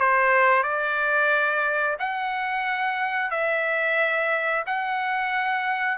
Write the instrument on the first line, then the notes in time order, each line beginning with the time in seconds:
trumpet
0.00 C5
0.64 D5
1.99 F#5
3.31 E5
4.67 F#5